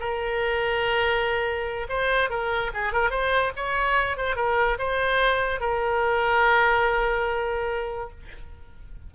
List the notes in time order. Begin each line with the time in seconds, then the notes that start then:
0.00 A#4
1.89 C5
2.30 A#4
2.74 G#4
2.93 A#4
3.10 C5
3.56 C#5
4.17 C5
4.36 A#4
4.79 C5
5.60 A#4